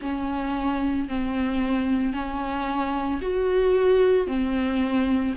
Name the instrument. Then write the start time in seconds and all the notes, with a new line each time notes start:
viola
0.01 C#4
1.08 C4
2.13 C#4
3.21 F#4
4.27 C4